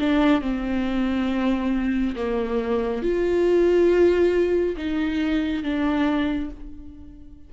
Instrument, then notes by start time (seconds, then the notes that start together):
viola
0.00 D4
0.42 C4
2.16 A#3
3.03 F4
4.77 D#4
5.64 D4